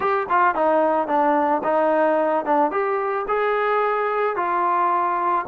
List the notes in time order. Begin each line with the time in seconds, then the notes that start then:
0.00 G4
0.29 F4
0.55 D#4
1.07 D4
1.63 D#4
2.45 D4
2.71 G4
3.28 G#4
4.36 F4